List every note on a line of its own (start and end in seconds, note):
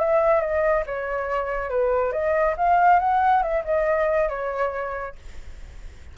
0.00 0.41 E5
0.41 0.84 D#5
0.86 1.70 C#5
1.70 2.12 B4
2.12 2.55 D#5
2.57 2.99 F5
2.99 3.43 F#5
3.43 3.64 E5
3.65 4.29 D#5
4.29 5.16 C#5